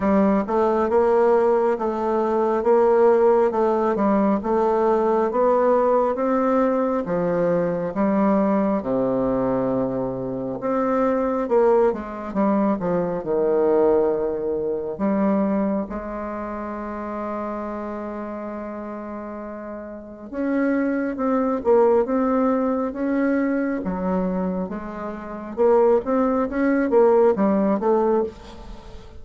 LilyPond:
\new Staff \with { instrumentName = "bassoon" } { \time 4/4 \tempo 4 = 68 g8 a8 ais4 a4 ais4 | a8 g8 a4 b4 c'4 | f4 g4 c2 | c'4 ais8 gis8 g8 f8 dis4~ |
dis4 g4 gis2~ | gis2. cis'4 | c'8 ais8 c'4 cis'4 fis4 | gis4 ais8 c'8 cis'8 ais8 g8 a8 | }